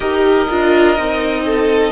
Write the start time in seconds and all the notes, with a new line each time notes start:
0.00 D#4 G4 A#4 D#5
0.49 D4 F4
0.97 C4 D#4
1.45 A4